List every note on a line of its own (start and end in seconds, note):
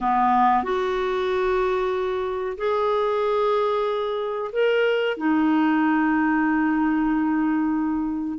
0.01 0.63 B3
0.63 2.57 F#4
2.57 4.51 G#4
4.52 5.17 A#4
5.17 8.38 D#4